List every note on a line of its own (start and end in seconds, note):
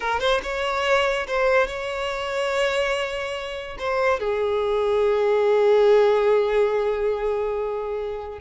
0.00 0.20 A#4
0.20 0.41 C5
0.42 1.26 C#5
1.27 1.67 C5
1.67 3.77 C#5
3.78 4.19 C5
4.19 8.39 G#4